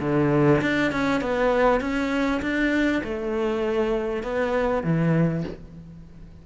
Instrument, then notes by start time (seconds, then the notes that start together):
cello
0.00 D3
0.61 D4
0.91 C#4
1.20 B3
1.80 C#4
2.41 D4
3.03 A3
4.23 B3
4.83 E3